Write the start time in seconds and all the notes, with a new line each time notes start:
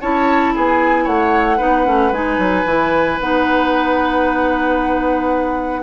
0.00 C#4 E4 C#5 A5
0.54 B3 G#4 G#5
1.04 A3 C#5 F#5
1.57 B3 D#4 B4
1.85 A3 C#4
2.11 G#3 D#4 G#5
2.38 F#3
2.65 E3 E4
3.20 B3 D#4 F#5